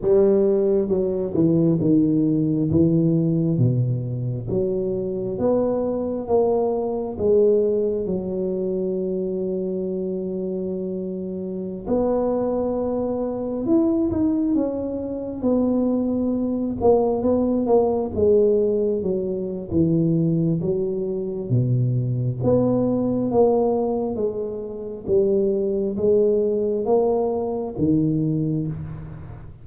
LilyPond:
\new Staff \with { instrumentName = "tuba" } { \time 4/4 \tempo 4 = 67 g4 fis8 e8 dis4 e4 | b,4 fis4 b4 ais4 | gis4 fis2.~ | fis4~ fis16 b2 e'8 dis'16~ |
dis'16 cis'4 b4. ais8 b8 ais16~ | ais16 gis4 fis8. e4 fis4 | b,4 b4 ais4 gis4 | g4 gis4 ais4 dis4 | }